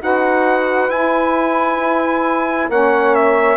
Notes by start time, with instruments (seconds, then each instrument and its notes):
0.00 bassoon D#4, saxophone F#4 B4, trumpet F#5
0.89 bassoon E4, saxophone E4, trumpet G#5
2.68 bassoon A#3, saxophone C#4 C#5, trumpet F#5
3.15 trumpet E5